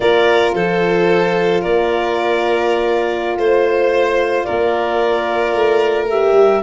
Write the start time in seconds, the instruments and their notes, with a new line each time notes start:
0.00 tuba A#3, horn F4, violin A#4, clarinet D5
0.54 tuba F3, violin A4, clarinet C5
1.61 tuba A#3, violin A#4, clarinet D5
3.36 tuba A3, violin C5, clarinet C5
4.44 tuba A#3, violin A#4, clarinet D5
5.54 tuba A3
6.09 horn G4, clarinet E5
6.32 tuba G3